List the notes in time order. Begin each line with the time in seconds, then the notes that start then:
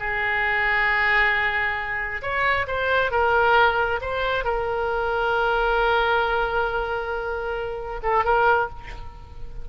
0.00 G#4
2.23 C#5
2.68 C5
3.12 A#4
4.02 C5
4.45 A#4
8.03 A4
8.25 A#4